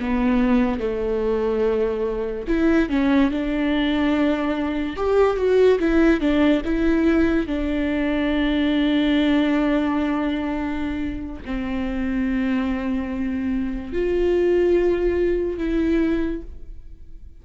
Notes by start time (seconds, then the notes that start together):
0.00 B3
0.80 A3
2.48 E4
2.89 C#4
3.31 D4
4.97 G4
5.37 F#4
5.80 E4
6.21 D4
6.65 E4
7.47 D4
11.46 C4
13.94 F4
15.59 E4